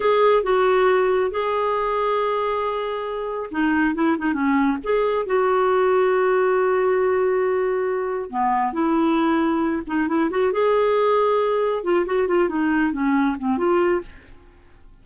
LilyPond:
\new Staff \with { instrumentName = "clarinet" } { \time 4/4 \tempo 4 = 137 gis'4 fis'2 gis'4~ | gis'1 | dis'4 e'8 dis'8 cis'4 gis'4 | fis'1~ |
fis'2. b4 | e'2~ e'8 dis'8 e'8 fis'8 | gis'2. f'8 fis'8 | f'8 dis'4 cis'4 c'8 f'4 | }